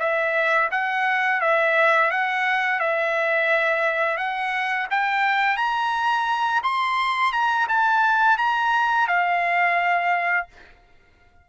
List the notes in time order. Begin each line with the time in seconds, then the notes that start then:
0.00 E5
0.72 F#5
1.41 E5
2.12 F#5
2.80 E5
4.18 F#5
4.91 G5
5.58 A#5
6.64 C6
7.33 A#5
7.69 A5
8.38 A#5
9.08 F5